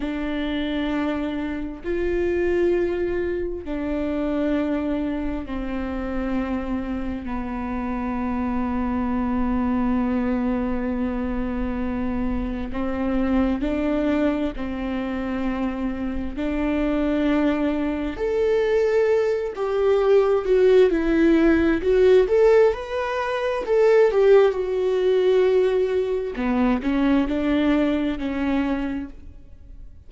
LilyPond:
\new Staff \with { instrumentName = "viola" } { \time 4/4 \tempo 4 = 66 d'2 f'2 | d'2 c'2 | b1~ | b2 c'4 d'4 |
c'2 d'2 | a'4. g'4 fis'8 e'4 | fis'8 a'8 b'4 a'8 g'8 fis'4~ | fis'4 b8 cis'8 d'4 cis'4 | }